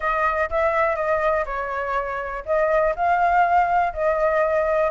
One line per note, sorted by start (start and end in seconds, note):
0.00 0.49 D#5
0.49 0.95 E5
0.95 1.44 D#5
1.45 2.43 C#5
2.45 2.94 D#5
2.95 3.93 F5
3.93 4.90 D#5